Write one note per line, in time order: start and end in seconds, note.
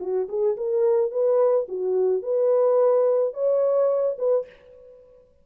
0.00 0.28 F#4
0.29 0.57 G#4
0.57 1.12 A#4
1.12 1.67 B4
1.68 2.22 F#4
2.22 3.34 B4
3.34 4.17 C#5
4.19 4.46 B4